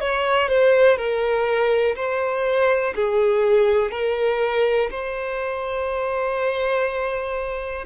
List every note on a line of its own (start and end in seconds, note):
0.00 0.48 C#5
0.48 0.97 C5
0.97 1.95 A#4
1.95 2.94 C5
2.95 3.91 G#4
3.91 4.90 A#4
4.90 7.85 C5